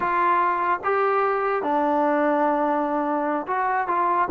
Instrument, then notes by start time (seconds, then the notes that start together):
trombone
0.00 F4
0.83 G4
1.62 D4
3.47 F#4
3.87 F4